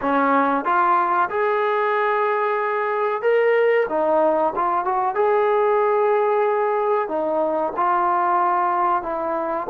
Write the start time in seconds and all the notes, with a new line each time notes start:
0.01 C#4
0.65 F4
1.29 G#4
3.21 A#4
3.89 D#4
4.55 F4
4.84 F#4
5.14 G#4
7.08 D#4
7.76 F4
9.02 E4